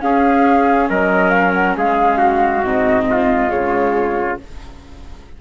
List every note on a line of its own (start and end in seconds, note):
0.00 2.61 C#4
0.00 0.89 C#4
0.00 0.90 G#4
0.00 0.88 F5
0.89 1.77 F#3
0.89 1.77 A#4
0.89 1.30 D#5
1.30 1.52 F5
1.54 1.75 F#5
1.77 2.63 G#3
1.77 2.18 G#4
1.77 2.64 F5
2.18 3.05 F#4
2.63 3.50 G#2
2.63 3.49 C4
2.63 3.51 D#5
3.10 4.41 F4
3.49 4.39 C#3
3.49 4.36 G#3
3.49 4.37 C#5